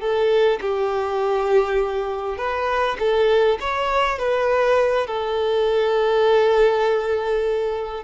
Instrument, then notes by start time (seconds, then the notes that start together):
violin
0.00 A4
0.61 G4
2.38 B4
2.99 A4
3.60 C#5
4.19 B4
5.07 A4